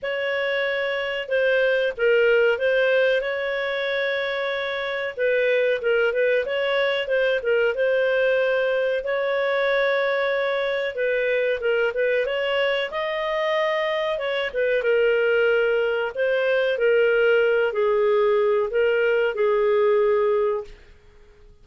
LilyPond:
\new Staff \with { instrumentName = "clarinet" } { \time 4/4 \tempo 4 = 93 cis''2 c''4 ais'4 | c''4 cis''2. | b'4 ais'8 b'8 cis''4 c''8 ais'8 | c''2 cis''2~ |
cis''4 b'4 ais'8 b'8 cis''4 | dis''2 cis''8 b'8 ais'4~ | ais'4 c''4 ais'4. gis'8~ | gis'4 ais'4 gis'2 | }